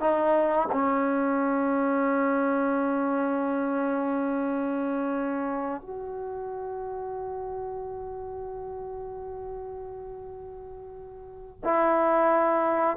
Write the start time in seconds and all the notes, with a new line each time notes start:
0.00 D#4
0.72 C#4
5.81 F#4
11.64 E4